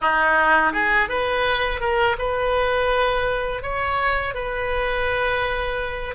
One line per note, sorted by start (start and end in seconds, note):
0.01 0.72 D#4
0.72 1.08 G#4
1.08 1.80 B4
1.80 2.16 A#4
2.18 3.62 B4
3.62 4.34 C#5
4.34 6.14 B4